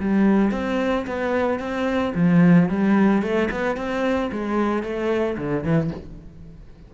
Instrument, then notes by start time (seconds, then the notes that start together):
cello
0.00 G3
0.52 C4
1.07 B3
1.59 C4
2.15 F3
2.69 G3
3.22 A3
3.51 B3
3.76 C4
4.32 G#3
4.83 A3
5.37 D3
5.64 E3